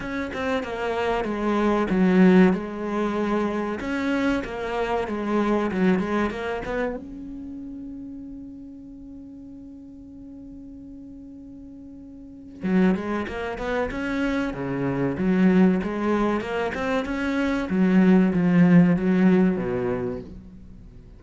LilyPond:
\new Staff \with { instrumentName = "cello" } { \time 4/4 \tempo 4 = 95 cis'8 c'8 ais4 gis4 fis4 | gis2 cis'4 ais4 | gis4 fis8 gis8 ais8 b8 cis'4~ | cis'1~ |
cis'1 | fis8 gis8 ais8 b8 cis'4 cis4 | fis4 gis4 ais8 c'8 cis'4 | fis4 f4 fis4 b,4 | }